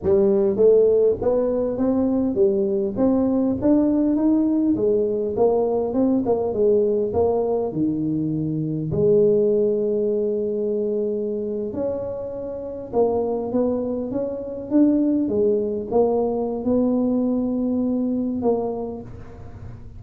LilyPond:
\new Staff \with { instrumentName = "tuba" } { \time 4/4 \tempo 4 = 101 g4 a4 b4 c'4 | g4 c'4 d'4 dis'4 | gis4 ais4 c'8 ais8 gis4 | ais4 dis2 gis4~ |
gis2.~ gis8. cis'16~ | cis'4.~ cis'16 ais4 b4 cis'16~ | cis'8. d'4 gis4 ais4~ ais16 | b2. ais4 | }